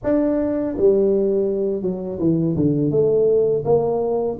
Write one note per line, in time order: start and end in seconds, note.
0.03 0.76 D4
0.77 1.82 G3
1.82 2.18 F#3
2.19 2.55 E3
2.55 2.90 D3
2.90 3.64 A3
3.65 4.38 A#3